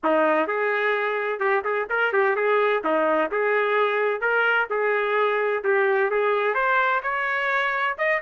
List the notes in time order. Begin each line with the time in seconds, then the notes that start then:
0.03 D#4
0.47 G#4
1.39 G4
1.64 G#4
1.89 A#4
2.13 G4
2.35 G#4
2.84 D#4
3.31 G#4
4.20 A#4
4.70 G#4
5.64 G4
6.10 G#4
6.54 C5
7.02 C#5
7.98 D#5